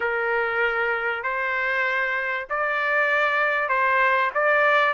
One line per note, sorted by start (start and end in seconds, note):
0.00 1.23 A#4
1.23 2.47 C5
2.49 3.68 D5
3.68 4.30 C5
4.34 4.93 D5